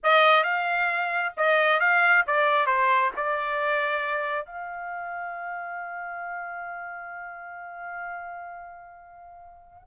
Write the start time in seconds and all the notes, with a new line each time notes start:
0.03 D#5
0.43 F5
1.37 D#5
1.80 F5
2.27 D5
2.66 C5
3.16 D5
4.45 F5